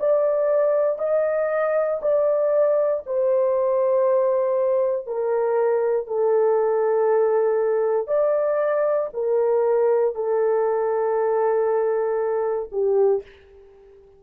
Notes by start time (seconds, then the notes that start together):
0.00 D5
0.99 D#5
2.02 D5
3.06 C5
5.07 A#4
6.07 A4
8.08 D5
9.14 A#4
10.16 A4
12.72 G4